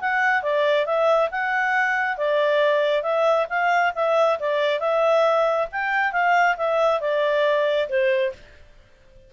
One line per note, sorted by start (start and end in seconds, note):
0.00 0.43 F#5
0.43 0.86 D5
0.86 1.30 E5
1.31 2.17 F#5
2.17 3.03 D5
3.03 3.47 E5
3.49 3.93 F5
3.95 4.39 E5
4.40 4.80 D5
4.80 5.67 E5
5.72 6.12 G5
6.12 6.56 F5
6.57 7.01 E5
7.01 7.88 D5
7.89 8.33 C5